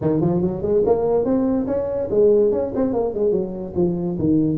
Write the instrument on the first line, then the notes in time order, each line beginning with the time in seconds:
tuba
0.01 D#3
0.20 F3
0.41 F#3
0.61 G#3
0.85 A#3
1.24 C4
1.66 C#4
2.10 G#3
2.52 C#4
2.75 C4
2.93 A#3
3.14 G#3
3.31 F#3
3.75 F3
4.18 D#3